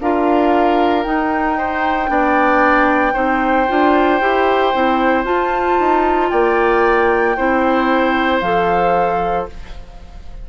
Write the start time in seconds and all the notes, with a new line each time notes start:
0.00 D4 F4 A#4 F5
1.03 D#4 G5
1.57 C5
2.07 B3 D4 D5
3.13 C4 D#4 C5
3.68 D4 F4
4.20 E4 G4
4.74 C4 E4
5.24 F4 A5
5.79 D#4
6.29 A#3 D5 G5
7.36 C4 E4 C5
8.40 F3 A4 F5